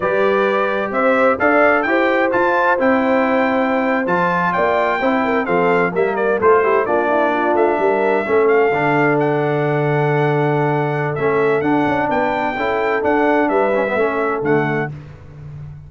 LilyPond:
<<
  \new Staff \with { instrumentName = "trumpet" } { \time 4/4 \tempo 4 = 129 d''2 e''4 f''4 | g''4 a''4 g''2~ | g''8. a''4 g''2 f''16~ | f''8. e''8 d''8 c''4 d''4~ d''16~ |
d''16 e''2 f''4. fis''16~ | fis''1 | e''4 fis''4 g''2 | fis''4 e''2 fis''4 | }
  \new Staff \with { instrumentName = "horn" } { \time 4/4 b'2 c''4 d''4 | c''1~ | c''4.~ c''16 d''4 c''8 ais'8 a'16~ | a'8. ais'4 a'8 g'8 f'8 e'8 f'16~ |
f'8. ais'4 a'2~ a'16~ | a'1~ | a'2 b'4 a'4~ | a'4 b'4 a'2 | }
  \new Staff \with { instrumentName = "trombone" } { \time 4/4 g'2. a'4 | g'4 f'4 e'2~ | e'8. f'2 e'4 c'16~ | c'8. ais4 f'8 e'8 d'4~ d'16~ |
d'4.~ d'16 cis'4 d'4~ d'16~ | d'1 | cis'4 d'2 e'4 | d'4. cis'16 b16 cis'4 a4 | }
  \new Staff \with { instrumentName = "tuba" } { \time 4/4 g2 c'4 d'4 | e'4 f'4 c'2~ | c'8. f4 ais4 c'4 f16~ | f8. g4 a4 ais4~ ais16~ |
ais16 a8 g4 a4 d4~ d16~ | d1 | a4 d'8 cis'8 b4 cis'4 | d'4 g4 a4 d4 | }
>>